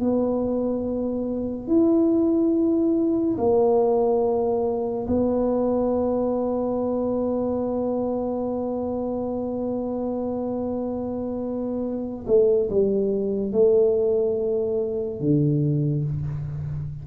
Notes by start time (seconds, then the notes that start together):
0.00 B3
1.67 E4
3.37 A#3
5.07 B3
12.27 A3
12.70 G3
13.52 A3
15.20 D3